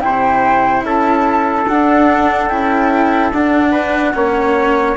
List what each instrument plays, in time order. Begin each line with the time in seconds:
0.00 bassoon C3, cello E4, trumpet C5, flute G5
0.82 bassoon C#4, trumpet A4, flute A5
1.67 cello D4, bassoon D4, flute F#5
2.48 bassoon C#4, cello E4, flute G5
3.31 bassoon D4, cello D4, flute F#5
3.71 trumpet B4
4.13 bassoon A#3, cello C#4, trumpet C#5